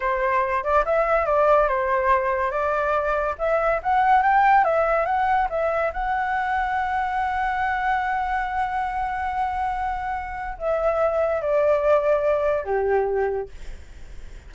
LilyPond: \new Staff \with { instrumentName = "flute" } { \time 4/4 \tempo 4 = 142 c''4. d''8 e''4 d''4 | c''2 d''2 | e''4 fis''4 g''4 e''4 | fis''4 e''4 fis''2~ |
fis''1~ | fis''1~ | fis''4 e''2 d''4~ | d''2 g'2 | }